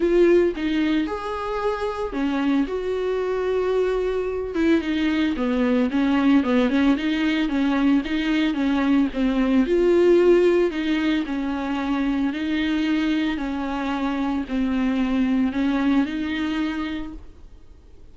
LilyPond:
\new Staff \with { instrumentName = "viola" } { \time 4/4 \tempo 4 = 112 f'4 dis'4 gis'2 | cis'4 fis'2.~ | fis'8 e'8 dis'4 b4 cis'4 | b8 cis'8 dis'4 cis'4 dis'4 |
cis'4 c'4 f'2 | dis'4 cis'2 dis'4~ | dis'4 cis'2 c'4~ | c'4 cis'4 dis'2 | }